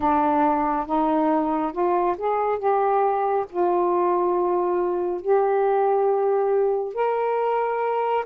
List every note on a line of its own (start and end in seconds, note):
0.00 0.86 D4
0.86 1.72 D#4
1.72 2.15 F4
2.17 2.58 G#4
2.58 3.45 G4
3.49 5.21 F4
5.21 6.94 G4
6.94 8.24 A#4